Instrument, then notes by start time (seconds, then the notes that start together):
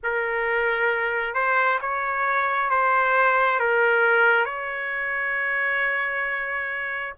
trumpet
0.03 A#4
1.34 C5
1.81 C#5
2.70 C5
3.59 A#4
4.45 C#5